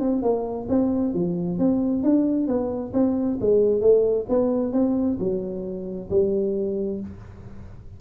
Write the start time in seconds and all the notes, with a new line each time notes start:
0.00 C4
0.22 A#3
0.69 C4
1.14 F3
1.59 C4
2.03 D4
2.48 B3
2.94 C4
3.41 G#3
3.81 A3
4.29 B3
4.73 C4
5.19 F#3
6.10 G3